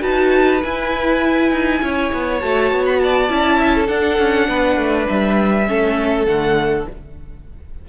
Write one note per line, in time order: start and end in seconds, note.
0.00 0.62 D#4
0.00 0.59 F#4
0.00 1.79 B4
0.00 0.62 A5
0.63 1.51 E4
0.63 2.41 E4
0.63 2.39 G#5
1.51 1.81 D#4
1.82 2.11 C#4
1.82 3.01 C#5
2.13 2.43 B3
2.39 2.71 A3
2.39 3.29 F#4
2.39 2.84 A5
2.71 3.29 B3
2.85 2.99 B5
2.99 3.59 D5
2.99 3.87 A5
3.29 3.89 C#4
3.29 3.87 E4
3.59 3.74 E5
3.74 4.49 A4
3.87 5.65 D4
3.87 4.18 D4
3.87 5.06 F#5
4.18 4.48 C#4
4.48 4.77 B3
4.48 5.68 B4
4.77 5.06 A3
5.09 5.69 G3
5.09 6.25 E5
5.67 6.27 A3
5.67 6.26 C#4
5.67 6.89 A4
6.25 6.86 D3
6.25 6.86 A3
6.25 6.85 F#5